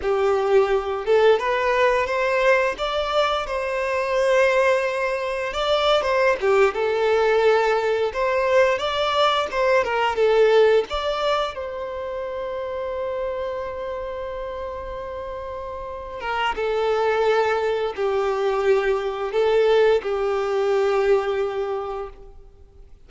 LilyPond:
\new Staff \with { instrumentName = "violin" } { \time 4/4 \tempo 4 = 87 g'4. a'8 b'4 c''4 | d''4 c''2. | d''8. c''8 g'8 a'2 c''16~ | c''8. d''4 c''8 ais'8 a'4 d''16~ |
d''8. c''2.~ c''16~ | c''2.~ c''8 ais'8 | a'2 g'2 | a'4 g'2. | }